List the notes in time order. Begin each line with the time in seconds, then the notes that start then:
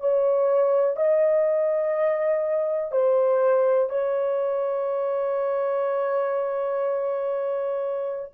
0.00 C#5
0.97 D#5
2.92 C5
3.89 C#5